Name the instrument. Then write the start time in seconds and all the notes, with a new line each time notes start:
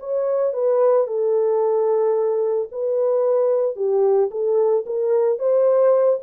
horn
0.00 C#5
0.54 B4
1.08 A4
2.72 B4
3.76 G4
4.31 A4
4.86 A#4
5.39 C5